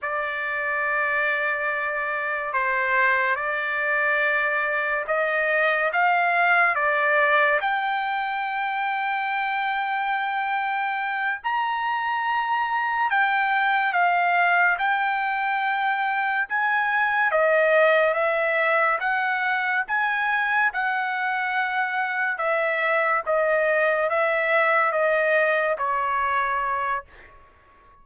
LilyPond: \new Staff \with { instrumentName = "trumpet" } { \time 4/4 \tempo 4 = 71 d''2. c''4 | d''2 dis''4 f''4 | d''4 g''2.~ | g''4. ais''2 g''8~ |
g''8 f''4 g''2 gis''8~ | gis''8 dis''4 e''4 fis''4 gis''8~ | gis''8 fis''2 e''4 dis''8~ | dis''8 e''4 dis''4 cis''4. | }